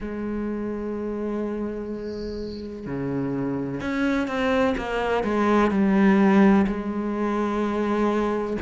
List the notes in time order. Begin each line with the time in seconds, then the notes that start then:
0.00 G#3
2.86 C#3
3.81 C#4
4.27 C4
4.77 A#3
5.23 G#3
5.71 G3
6.66 G#3